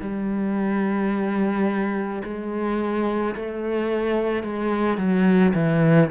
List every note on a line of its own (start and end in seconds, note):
0.00 2.22 G3
2.23 3.34 G#3
3.35 4.43 A3
4.43 4.97 G#3
4.97 5.53 F#3
5.54 6.10 E3